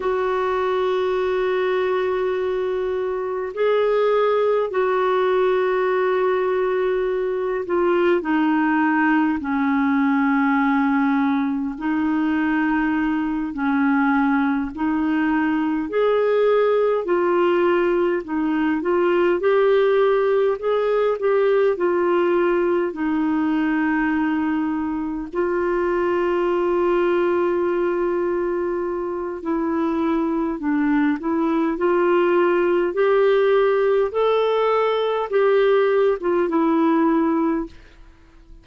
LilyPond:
\new Staff \with { instrumentName = "clarinet" } { \time 4/4 \tempo 4 = 51 fis'2. gis'4 | fis'2~ fis'8 f'8 dis'4 | cis'2 dis'4. cis'8~ | cis'8 dis'4 gis'4 f'4 dis'8 |
f'8 g'4 gis'8 g'8 f'4 dis'8~ | dis'4. f'2~ f'8~ | f'4 e'4 d'8 e'8 f'4 | g'4 a'4 g'8. f'16 e'4 | }